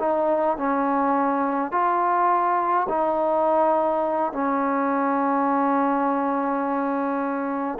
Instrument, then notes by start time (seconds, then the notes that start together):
trombone
0.00 D#4
0.58 C#4
1.72 F4
2.89 D#4
4.33 C#4